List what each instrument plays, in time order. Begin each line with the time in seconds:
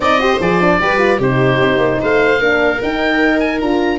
0.00 tuba C4, horn D#4, viola D5, oboe D#5
0.19 horn G4, viola C5
0.40 tuba F3, horn G#4, oboe D5
0.60 horn D4
0.80 tuba G3, horn G4, viola B4
0.98 horn F4
1.18 tuba C3, horn D#4, viola G4, oboe C5
1.60 tuba C4
1.77 tuba A#3
2.01 tuba A3, viola C5, oboe F5
2.39 tuba A#3, horn D4, viola A#4
2.81 horn D#4, tuba D#4, oboe G5
3.39 oboe G#5
3.60 tuba D4, horn F4, oboe A#5